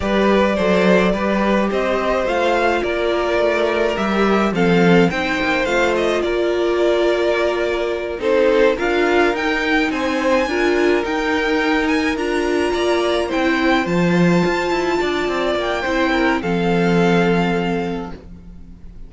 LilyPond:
<<
  \new Staff \with { instrumentName = "violin" } { \time 4/4 \tempo 4 = 106 d''2. dis''4 | f''4 d''2 e''4 | f''4 g''4 f''8 dis''8 d''4~ | d''2~ d''8 c''4 f''8~ |
f''8 g''4 gis''2 g''8~ | g''4 gis''8 ais''2 g''8~ | g''8 a''2. g''8~ | g''4 f''2. | }
  \new Staff \with { instrumentName = "violin" } { \time 4/4 b'4 c''4 b'4 c''4~ | c''4 ais'2. | a'4 c''2 ais'4~ | ais'2~ ais'8 a'4 ais'8~ |
ais'4. c''4 ais'4.~ | ais'2~ ais'8 d''4 c''8~ | c''2~ c''8 d''4. | c''8 ais'8 a'2. | }
  \new Staff \with { instrumentName = "viola" } { \time 4/4 g'4 a'4 g'2 | f'2. g'4 | c'4 dis'4 f'2~ | f'2~ f'8 dis'4 f'8~ |
f'8 dis'2 f'4 dis'8~ | dis'4. f'2 e'8~ | e'8 f'2.~ f'8 | e'4 c'2. | }
  \new Staff \with { instrumentName = "cello" } { \time 4/4 g4 fis4 g4 c'4 | a4 ais4 a4 g4 | f4 c'8 ais8 a4 ais4~ | ais2~ ais8 c'4 d'8~ |
d'8 dis'4 c'4 d'4 dis'8~ | dis'4. d'4 ais4 c'8~ | c'8 f4 f'8 e'8 d'8 c'8 ais8 | c'4 f2. | }
>>